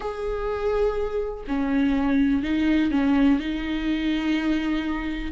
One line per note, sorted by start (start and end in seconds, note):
0.00 1.44 G#4
1.47 2.43 C#4
2.43 2.91 D#4
2.91 3.39 C#4
3.39 5.31 D#4